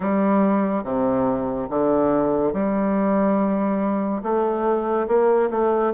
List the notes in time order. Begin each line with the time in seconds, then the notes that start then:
0.00 G3
0.83 C3
1.69 D3
2.53 G3
4.23 A3
5.07 A#3
5.50 A3